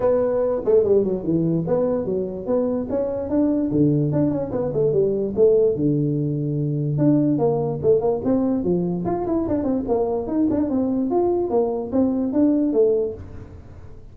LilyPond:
\new Staff \with { instrumentName = "tuba" } { \time 4/4 \tempo 4 = 146 b4. a8 g8 fis8 e4 | b4 fis4 b4 cis'4 | d'4 d4 d'8 cis'8 b8 a8 | g4 a4 d2~ |
d4 d'4 ais4 a8 ais8 | c'4 f4 f'8 e'8 d'8 c'8 | ais4 dis'8 d'8 c'4 f'4 | ais4 c'4 d'4 a4 | }